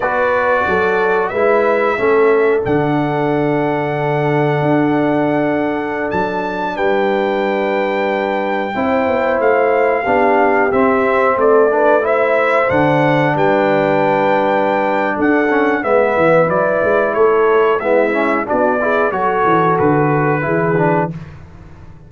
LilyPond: <<
  \new Staff \with { instrumentName = "trumpet" } { \time 4/4 \tempo 4 = 91 d''2 e''2 | fis''1~ | fis''4~ fis''16 a''4 g''4.~ g''16~ | g''2~ g''16 f''4.~ f''16~ |
f''16 e''4 d''4 e''4 fis''8.~ | fis''16 g''2~ g''8. fis''4 | e''4 d''4 cis''4 e''4 | d''4 cis''4 b'2 | }
  \new Staff \with { instrumentName = "horn" } { \time 4/4 b'4 a'4 b'4 a'4~ | a'1~ | a'2~ a'16 b'4.~ b'16~ | b'4~ b'16 c''2 g'8.~ |
g'4~ g'16 a'8 b'8 c''4.~ c''16~ | c''16 b'2~ b'8. a'4 | b'2 a'4 e'4 | fis'8 gis'8 a'2 gis'4 | }
  \new Staff \with { instrumentName = "trombone" } { \time 4/4 fis'2 e'4 cis'4 | d'1~ | d'1~ | d'4~ d'16 e'2 d'8.~ |
d'16 c'4. d'8 e'4 d'8.~ | d'2.~ d'8 cis'8 | b4 e'2 b8 cis'8 | d'8 e'8 fis'2 e'8 d'8 | }
  \new Staff \with { instrumentName = "tuba" } { \time 4/4 b4 fis4 gis4 a4 | d2. d'4~ | d'4~ d'16 fis4 g4.~ g16~ | g4~ g16 c'8 b8 a4 b8.~ |
b16 c'4 a2 d8.~ | d16 g2~ g8. d'4 | gis8 e8 fis8 gis8 a4 gis4 | b4 fis8 e8 d4 e4 | }
>>